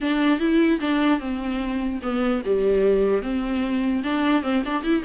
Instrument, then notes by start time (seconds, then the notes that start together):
viola
0.00 D4
0.39 E4
0.80 D4
1.19 C4
2.02 B3
2.45 G3
3.22 C4
4.03 D4
4.42 C4
4.65 D4
4.83 E4